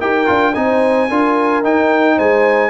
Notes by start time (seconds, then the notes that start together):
0.00 D#4 G4 A#4 G5
0.26 D4 F4
0.54 C4 D#4 C5 G#5
1.10 D4 F4 A#4
1.64 D#4 G5
2.16 G#3 C5 G#5